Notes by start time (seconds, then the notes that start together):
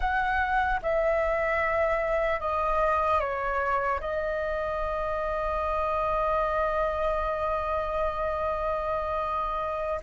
0.00 F#5
0.82 E5
2.40 D#5
3.20 C#5
4.00 D#5